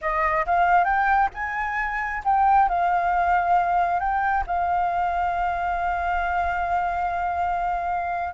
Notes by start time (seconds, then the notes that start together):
0.01 D#5
0.46 F5
0.84 G5
1.34 G#5
2.24 G5
2.68 F5
3.99 G5
4.47 F5